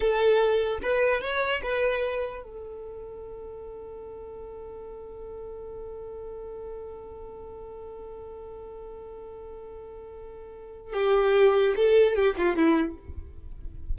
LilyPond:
\new Staff \with { instrumentName = "violin" } { \time 4/4 \tempo 4 = 148 a'2 b'4 cis''4 | b'2 a'2~ | a'1~ | a'1~ |
a'1~ | a'1~ | a'2. g'4~ | g'4 a'4 g'8 f'8 e'4 | }